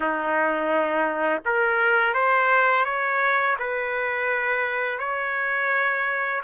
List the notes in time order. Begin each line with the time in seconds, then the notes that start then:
0.00 D#4
1.45 A#4
2.14 C5
2.85 C#5
3.59 B4
4.98 C#5